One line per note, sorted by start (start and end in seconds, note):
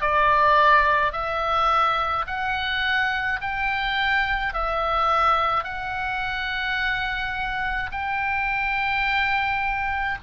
0.00 1.12 D5
1.12 2.25 E5
2.26 3.40 F#5
3.41 4.53 G5
4.53 5.63 E5
5.63 7.90 F#5
7.91 10.18 G5